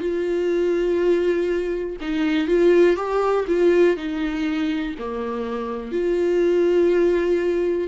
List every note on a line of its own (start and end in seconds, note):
0.00 1.97 F4
2.01 2.48 D#4
2.48 2.96 F4
2.96 3.45 G4
3.47 3.97 F4
3.97 4.95 D#4
4.99 5.92 A#3
5.92 7.88 F4